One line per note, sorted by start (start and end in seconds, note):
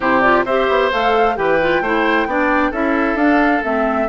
0.00 0.45 C3
0.00 0.22 E4
0.00 0.44 G4
0.00 0.20 C5
0.20 0.45 F4
0.20 0.43 D5
0.45 0.68 C4
0.45 0.92 G4
0.45 1.36 C5
0.45 0.91 E5
0.69 0.91 B3
0.91 1.36 A3
0.91 1.36 A4
0.91 1.36 F5
1.36 1.80 E3
1.36 1.58 G4
1.36 1.82 B4
1.36 2.72 G5
1.61 1.84 F4
1.80 2.25 A3
1.80 2.29 E4
1.80 2.27 C5
2.25 2.71 B3
2.25 2.72 D4
2.25 2.70 D5
2.70 3.14 C#4
2.70 3.18 E4
2.70 4.07 A4
2.70 3.17 E5
3.14 3.60 D4
3.14 3.63 D4
3.14 3.63 F5
3.63 4.09 A3
3.63 4.08 C4
3.63 4.09 E5